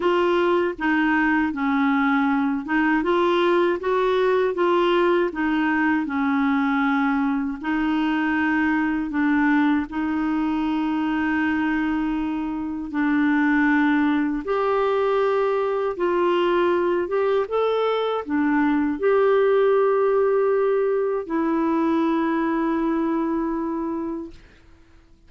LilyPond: \new Staff \with { instrumentName = "clarinet" } { \time 4/4 \tempo 4 = 79 f'4 dis'4 cis'4. dis'8 | f'4 fis'4 f'4 dis'4 | cis'2 dis'2 | d'4 dis'2.~ |
dis'4 d'2 g'4~ | g'4 f'4. g'8 a'4 | d'4 g'2. | e'1 | }